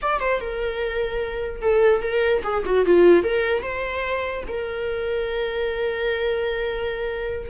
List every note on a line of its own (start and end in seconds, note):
0.02 0.20 D5
0.20 0.40 C5
0.40 1.61 A#4
1.61 2.02 A4
2.02 2.42 A#4
2.43 2.63 G#4
2.65 2.85 F#4
2.85 3.23 F4
3.23 3.62 A#4
3.62 4.43 C5
4.48 7.50 A#4